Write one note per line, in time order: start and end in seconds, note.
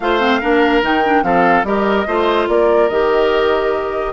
0.00 0.41 A3
0.00 0.20 F4
0.00 0.40 C5
0.00 0.83 F5
0.20 0.40 C4
0.40 0.82 A#3
0.40 0.82 D4
0.40 1.23 A#4
0.82 1.23 D#3
0.82 1.03 D#4
0.82 1.23 G5
1.04 1.23 D4
1.23 1.63 F3
1.23 1.64 C4
1.23 1.66 A4
1.23 1.64 F5
1.63 2.05 G3
1.63 2.06 G4
1.63 2.07 A#4
1.63 2.48 D#5
2.07 2.48 A3
2.07 2.90 F4
2.07 2.48 C5
2.48 2.89 A#3
2.48 4.12 A#4
2.48 2.88 D5
2.88 4.12 D#3
2.88 4.12 G4
2.88 4.12 D#5